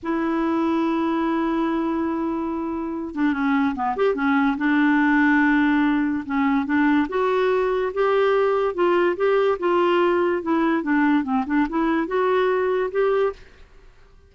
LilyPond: \new Staff \with { instrumentName = "clarinet" } { \time 4/4 \tempo 4 = 144 e'1~ | e'2.~ e'8 d'8 | cis'4 b8 g'8 cis'4 d'4~ | d'2. cis'4 |
d'4 fis'2 g'4~ | g'4 f'4 g'4 f'4~ | f'4 e'4 d'4 c'8 d'8 | e'4 fis'2 g'4 | }